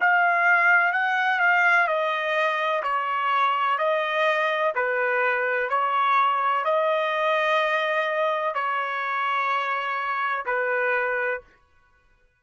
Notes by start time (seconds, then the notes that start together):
0.00 F5
0.92 F#5
1.39 F5
1.87 D#5
2.83 C#5
3.78 D#5
4.74 B4
5.69 C#5
6.65 D#5
8.55 C#5
10.45 B4